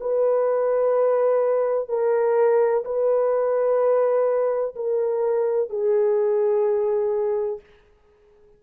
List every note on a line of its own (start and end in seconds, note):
0.00 1.88 B4
1.88 2.84 A#4
2.84 4.75 B4
4.75 5.69 A#4
5.69 7.60 G#4